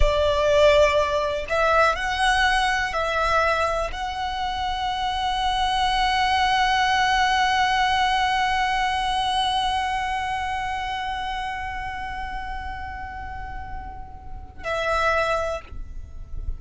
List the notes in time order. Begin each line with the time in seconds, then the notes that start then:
0.00 D5
1.49 E5
1.95 F#5
2.93 E5
3.92 F#5
14.63 E5